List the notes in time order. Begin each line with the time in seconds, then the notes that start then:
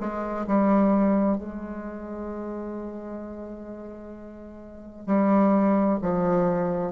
0.00 G#3
0.47 G3
1.38 G#3
5.07 G3
6.02 F3